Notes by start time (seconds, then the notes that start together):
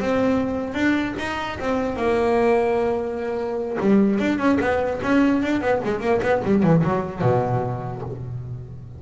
0.00 C4
0.74 D4
1.18 D#4
1.60 C4
1.96 A#3
3.80 G3
4.19 D4
4.38 C#4
4.60 B3
5.03 C#4
5.43 D4
5.61 B3
5.84 G#3
6.00 A#3
6.22 B3
6.44 G3
6.63 E3
6.83 F#3
7.22 B2